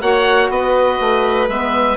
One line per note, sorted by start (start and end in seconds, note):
0.00 0.49 A#3
0.00 1.46 F#4
0.00 0.50 C#5
0.00 0.50 F#5
0.49 0.98 B3
0.49 1.96 B4
0.49 1.48 D#5
1.00 1.48 A3
1.48 1.96 G#3
1.48 1.96 B3
1.48 1.96 E5